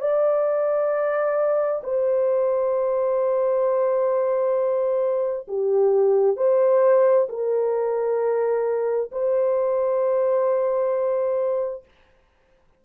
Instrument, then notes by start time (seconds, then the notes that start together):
horn
0.00 D5
1.83 C5
5.48 G4
6.36 C5
7.29 A#4
9.12 C5